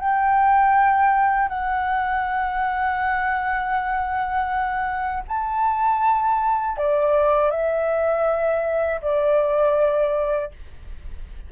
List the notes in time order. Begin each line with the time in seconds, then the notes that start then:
0.00 G5
1.49 F#5
5.28 A5
6.77 D5
7.51 E5
9.01 D5